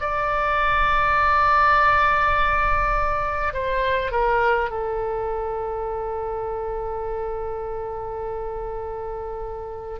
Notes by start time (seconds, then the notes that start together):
0.00 D5
3.53 C5
4.11 A#4
4.70 A4